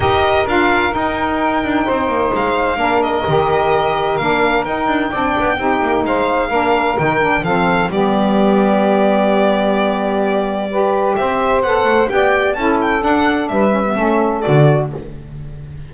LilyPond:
<<
  \new Staff \with { instrumentName = "violin" } { \time 4/4 \tempo 4 = 129 dis''4 f''4 g''2~ | g''4 f''4. dis''4.~ | dis''4 f''4 g''2~ | g''4 f''2 g''4 |
f''4 d''2.~ | d''1 | e''4 fis''4 g''4 a''8 g''8 | fis''4 e''2 d''4 | }
  \new Staff \with { instrumentName = "saxophone" } { \time 4/4 ais'1 | c''2 ais'2~ | ais'2. d''4 | g'4 c''4 ais'2 |
a'4 g'2.~ | g'2. b'4 | c''2 d''4 a'4~ | a'4 b'4 a'2 | }
  \new Staff \with { instrumentName = "saxophone" } { \time 4/4 g'4 f'4 dis'2~ | dis'2 d'4 g'4~ | g'4 d'4 dis'4 d'4 | dis'2 d'4 dis'8 d'8 |
c'4 b2.~ | b2. g'4~ | g'4 a'4 g'4 e'4 | d'4. cis'16 b16 cis'4 fis'4 | }
  \new Staff \with { instrumentName = "double bass" } { \time 4/4 dis'4 d'4 dis'4. d'8 | c'8 ais8 gis4 ais4 dis4~ | dis4 ais4 dis'8 d'8 c'8 b8 | c'8 ais8 gis4 ais4 dis4 |
f4 g2.~ | g1 | c'4 b8 a8 b4 cis'4 | d'4 g4 a4 d4 | }
>>